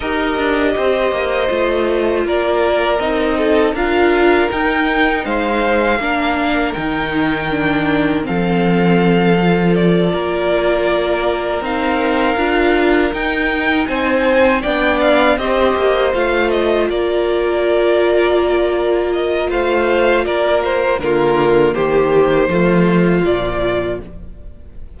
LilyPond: <<
  \new Staff \with { instrumentName = "violin" } { \time 4/4 \tempo 4 = 80 dis''2. d''4 | dis''4 f''4 g''4 f''4~ | f''4 g''2 f''4~ | f''4 d''2~ d''8 f''8~ |
f''4. g''4 gis''4 g''8 | f''8 dis''4 f''8 dis''8 d''4.~ | d''4. dis''8 f''4 d''8 c''8 | ais'4 c''2 d''4 | }
  \new Staff \with { instrumentName = "violin" } { \time 4/4 ais'4 c''2 ais'4~ | ais'8 a'8 ais'2 c''4 | ais'2. a'4~ | a'4. ais'2~ ais'8~ |
ais'2~ ais'8 c''4 d''8~ | d''8 c''2 ais'4.~ | ais'2 c''4 ais'4 | f'4 g'4 f'2 | }
  \new Staff \with { instrumentName = "viola" } { \time 4/4 g'2 f'2 | dis'4 f'4 dis'2 | d'4 dis'4 d'4 c'4~ | c'8 f'2. dis'8~ |
dis'8 f'4 dis'2 d'8~ | d'8 g'4 f'2~ f'8~ | f'1 | ais2 a4 f4 | }
  \new Staff \with { instrumentName = "cello" } { \time 4/4 dis'8 d'8 c'8 ais8 a4 ais4 | c'4 d'4 dis'4 gis4 | ais4 dis2 f4~ | f4. ais2 c'8~ |
c'8 d'4 dis'4 c'4 b8~ | b8 c'8 ais8 a4 ais4.~ | ais2 a4 ais4 | d4 dis4 f4 ais,4 | }
>>